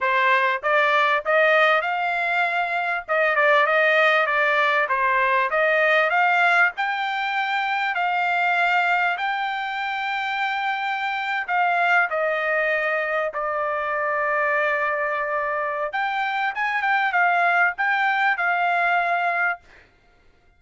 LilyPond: \new Staff \with { instrumentName = "trumpet" } { \time 4/4 \tempo 4 = 98 c''4 d''4 dis''4 f''4~ | f''4 dis''8 d''8 dis''4 d''4 | c''4 dis''4 f''4 g''4~ | g''4 f''2 g''4~ |
g''2~ g''8. f''4 dis''16~ | dis''4.~ dis''16 d''2~ d''16~ | d''2 g''4 gis''8 g''8 | f''4 g''4 f''2 | }